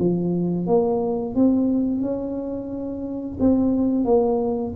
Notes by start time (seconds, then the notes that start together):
0.00 F3
0.67 A#3
1.35 C4
2.02 C#4
3.40 C4
4.05 A#3